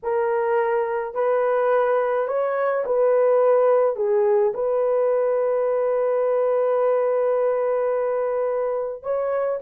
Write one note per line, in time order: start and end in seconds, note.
0.03 1.14 A#4
1.14 2.27 B4
2.27 2.84 C#5
2.85 3.96 B4
3.96 4.52 G#4
4.53 9.03 B4
9.03 9.59 C#5